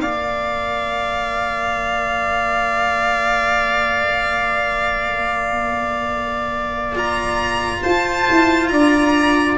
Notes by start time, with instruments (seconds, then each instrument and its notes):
0.00 tuba A#3, cello A#4, trumpet D5, violin F5
6.95 cello F4, violin A#5
7.82 tuba F4, trumpet C5, violin A5
8.30 tuba E4
8.68 tuba D4, trumpet D5, violin A#5